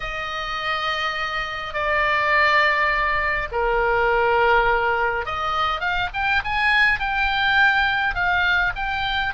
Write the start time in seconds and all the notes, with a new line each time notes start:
0.00 D#5
1.73 D5
3.51 A#4
5.25 D#5
5.80 F5
6.13 G5
6.44 G#5
6.99 G5
8.14 F5
8.75 G5